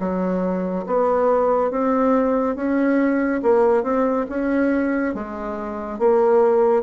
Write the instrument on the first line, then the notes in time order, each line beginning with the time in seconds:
bassoon
0.00 F#3
0.87 B3
1.71 C4
2.56 C#4
3.43 A#3
3.84 C4
4.29 C#4
5.15 G#3
5.99 A#3